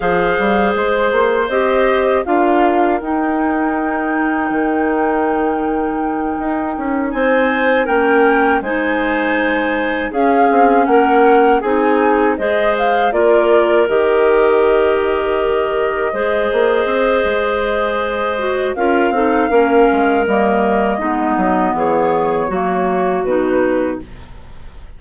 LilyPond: <<
  \new Staff \with { instrumentName = "flute" } { \time 4/4 \tempo 4 = 80 f''4 c''4 dis''4 f''4 | g''1~ | g''4. gis''4 g''4 gis''8~ | gis''4. f''4 fis''4 gis''8~ |
gis''8 dis''8 f''8 d''4 dis''4.~ | dis''1~ | dis''4 f''2 dis''4~ | dis''4 cis''2 b'4 | }
  \new Staff \with { instrumentName = "clarinet" } { \time 4/4 c''2. ais'4~ | ais'1~ | ais'4. c''4 ais'4 c''8~ | c''4. gis'4 ais'4 gis'8~ |
gis'8 c''4 ais'2~ ais'8~ | ais'4. c''2~ c''8~ | c''4 ais'8 a'8 ais'2 | dis'4 gis'4 fis'2 | }
  \new Staff \with { instrumentName = "clarinet" } { \time 4/4 gis'2 g'4 f'4 | dis'1~ | dis'2~ dis'8 cis'4 dis'8~ | dis'4. cis'2 dis'8~ |
dis'8 gis'4 f'4 g'4.~ | g'4. gis'2~ gis'8~ | gis'8 fis'8 f'8 dis'8 cis'4 ais4 | b2 ais4 dis'4 | }
  \new Staff \with { instrumentName = "bassoon" } { \time 4/4 f8 g8 gis8 ais8 c'4 d'4 | dis'2 dis2~ | dis8 dis'8 cis'8 c'4 ais4 gis8~ | gis4. cis'8 c'8 ais4 c'8~ |
c'8 gis4 ais4 dis4.~ | dis4. gis8 ais8 c'8 gis4~ | gis4 cis'8 c'8 ais8 gis8 g4 | gis8 fis8 e4 fis4 b,4 | }
>>